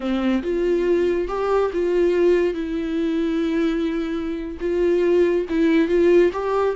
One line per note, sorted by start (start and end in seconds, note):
0.00 0.42 C4
0.42 1.28 F4
1.28 1.71 G4
1.73 2.54 F4
2.54 4.57 E4
4.60 5.46 F4
5.49 5.88 E4
5.88 6.30 F4
6.32 6.75 G4